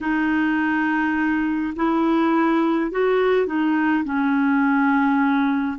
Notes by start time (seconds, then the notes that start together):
0.01 D#4
1.76 E4
2.91 F#4
3.46 D#4
4.04 C#4